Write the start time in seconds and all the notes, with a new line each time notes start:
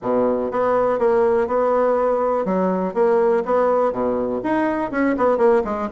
0.01 B2
0.51 B3
0.98 A#3
1.47 B3
2.45 F#3
2.94 A#3
3.45 B3
3.92 B2
4.43 D#4
4.91 C#4
5.17 B3
5.37 A#3
5.64 G#3